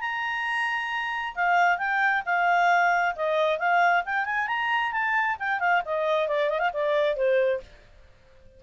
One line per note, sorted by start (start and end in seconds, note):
0.00 1.34 A#5
1.35 1.78 F5
1.78 2.22 G5
2.25 3.15 F5
3.15 3.58 D#5
3.58 4.03 F5
4.05 4.25 G5
4.25 4.47 G#5
4.47 4.92 A#5
4.92 5.36 A5
5.39 5.59 G5
5.59 5.82 F5
5.85 6.28 D#5
6.28 6.49 D5
6.49 6.59 D#5
6.59 6.70 F5
6.73 7.16 D5
7.16 7.60 C5